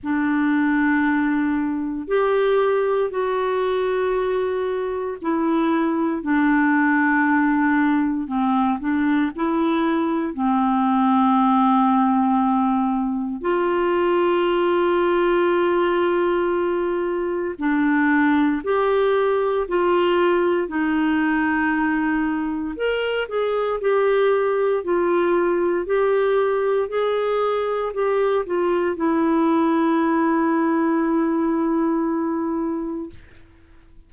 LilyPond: \new Staff \with { instrumentName = "clarinet" } { \time 4/4 \tempo 4 = 58 d'2 g'4 fis'4~ | fis'4 e'4 d'2 | c'8 d'8 e'4 c'2~ | c'4 f'2.~ |
f'4 d'4 g'4 f'4 | dis'2 ais'8 gis'8 g'4 | f'4 g'4 gis'4 g'8 f'8 | e'1 | }